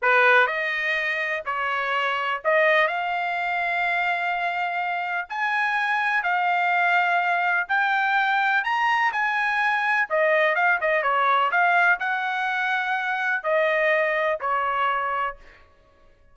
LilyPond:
\new Staff \with { instrumentName = "trumpet" } { \time 4/4 \tempo 4 = 125 b'4 dis''2 cis''4~ | cis''4 dis''4 f''2~ | f''2. gis''4~ | gis''4 f''2. |
g''2 ais''4 gis''4~ | gis''4 dis''4 f''8 dis''8 cis''4 | f''4 fis''2. | dis''2 cis''2 | }